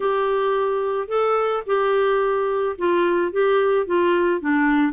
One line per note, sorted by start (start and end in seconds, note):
0.00 1.08 G4
1.08 1.63 A4
1.66 2.76 G4
2.78 3.32 F4
3.32 3.86 G4
3.86 4.40 F4
4.40 4.92 D4